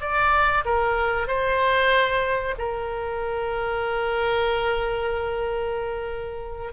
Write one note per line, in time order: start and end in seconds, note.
0.00 0.64 D5
0.65 1.27 A#4
1.27 2.54 C5
2.58 6.72 A#4